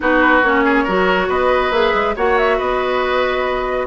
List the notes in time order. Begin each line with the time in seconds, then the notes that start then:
0.00 B3 D#4 F#4 B4
0.42 A#3 C#4 C#5
0.64 G#4
0.84 F#3 F#4 A#4
1.28 B3 B4 D#5
1.70 A#3 G#4 E5
1.94 G#3
2.16 A#3 F#4 C#5 F#5
2.38 E5
2.57 B3 B4 D#5